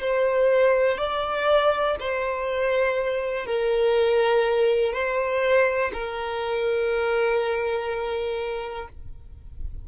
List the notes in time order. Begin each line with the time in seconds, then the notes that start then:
0.00 C5
0.97 D5
1.99 C5
3.46 A#4
4.93 C5
5.93 A#4